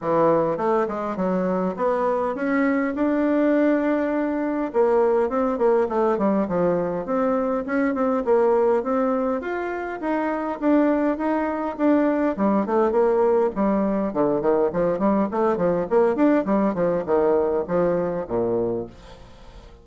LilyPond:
\new Staff \with { instrumentName = "bassoon" } { \time 4/4 \tempo 4 = 102 e4 a8 gis8 fis4 b4 | cis'4 d'2. | ais4 c'8 ais8 a8 g8 f4 | c'4 cis'8 c'8 ais4 c'4 |
f'4 dis'4 d'4 dis'4 | d'4 g8 a8 ais4 g4 | d8 dis8 f8 g8 a8 f8 ais8 d'8 | g8 f8 dis4 f4 ais,4 | }